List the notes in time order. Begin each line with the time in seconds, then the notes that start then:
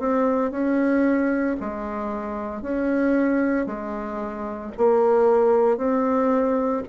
0.00 C4
0.52 C#4
1.61 G#3
2.62 C#4
3.67 G#3
4.78 A#3
5.78 C4